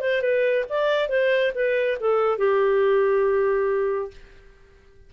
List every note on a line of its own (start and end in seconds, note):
0.00 0.21 C5
0.21 0.65 B4
0.69 1.09 D5
1.09 1.52 C5
1.55 1.98 B4
2.00 2.38 A4
2.38 4.10 G4